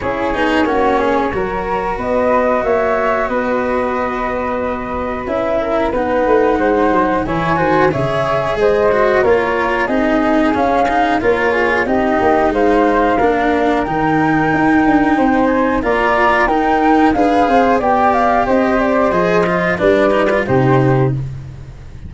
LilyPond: <<
  \new Staff \with { instrumentName = "flute" } { \time 4/4 \tempo 4 = 91 cis''2. dis''4 | e''4 dis''2. | e''4 fis''2 gis''4 | e''4 dis''4 cis''4 dis''4 |
f''4 cis''4 dis''4 f''4~ | f''4 g''2~ g''8 gis''8 | ais''4 g''4 f''4 g''8 f''8 | dis''8 d''8 dis''4 d''4 c''4 | }
  \new Staff \with { instrumentName = "flute" } { \time 4/4 gis'4 fis'8 gis'8 ais'4 b'4 | cis''4 b'2.~ | b'8 ais'8 b'4 c''4 cis''8 c''8 | cis''4 c''4 ais'4 gis'4~ |
gis'4 ais'8 gis'8 g'4 c''4 | ais'2. c''4 | d''4 ais'4 b'8 c''8 d''4 | c''2 b'4 g'4 | }
  \new Staff \with { instrumentName = "cello" } { \time 4/4 e'8 dis'8 cis'4 fis'2~ | fis'1 | e'4 dis'2 e'8 fis'8 | gis'4. fis'8 f'4 dis'4 |
cis'8 dis'8 f'4 dis'2 | d'4 dis'2. | f'4 dis'4 gis'4 g'4~ | g'4 gis'8 f'8 d'8 dis'16 f'16 dis'4 | }
  \new Staff \with { instrumentName = "tuba" } { \time 4/4 cis'8 b8 ais4 fis4 b4 | ais4 b2. | cis'4 b8 a8 gis8 fis8 e8 dis8 | cis4 gis4 ais4 c'4 |
cis'4 ais4 c'8 ais8 gis4 | ais4 dis4 dis'8 d'8 c'4 | ais4 dis'4 d'8 c'8 b4 | c'4 f4 g4 c4 | }
>>